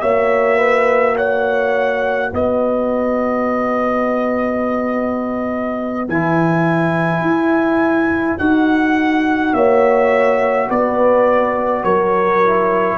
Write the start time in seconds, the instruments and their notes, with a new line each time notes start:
0.00 tuba A#3, trombone F#4, horn C#5, trumpet E5
0.57 horn B4
1.15 horn C#5, trumpet F#5
2.31 tuba B3, horn B4, trumpet D#5
6.07 tuba E3, trombone E4, trumpet G#5
7.21 tuba E4
8.38 tuba D#4, trombone F#4, trumpet F#5
9.53 tuba A#3, horn C#5, trumpet E5
10.69 tuba B3, horn B4, trumpet D5
11.83 tuba F#3, horn A#4, trumpet C#5
12.44 trombone E4